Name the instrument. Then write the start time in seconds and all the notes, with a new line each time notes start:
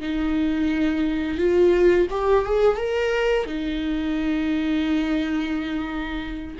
viola
0.00 D#4
1.38 F4
2.10 G4
2.45 G#4
2.77 A#4
3.46 D#4